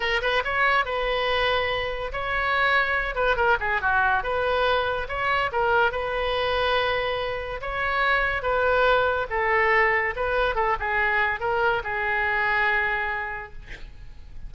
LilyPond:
\new Staff \with { instrumentName = "oboe" } { \time 4/4 \tempo 4 = 142 ais'8 b'8 cis''4 b'2~ | b'4 cis''2~ cis''8 b'8 | ais'8 gis'8 fis'4 b'2 | cis''4 ais'4 b'2~ |
b'2 cis''2 | b'2 a'2 | b'4 a'8 gis'4. ais'4 | gis'1 | }